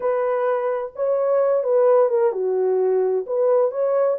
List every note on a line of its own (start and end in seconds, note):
0.00 0.92 B4
0.95 1.63 C#5
1.63 2.09 B4
2.09 2.32 A#4
2.32 3.25 F#4
3.26 3.71 B4
3.71 4.17 C#5